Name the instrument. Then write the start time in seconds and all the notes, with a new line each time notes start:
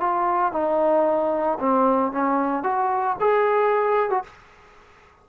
trombone
0.00 F4
0.52 D#4
1.60 C4
2.12 C#4
2.63 F#4
3.20 G#4
4.10 F#4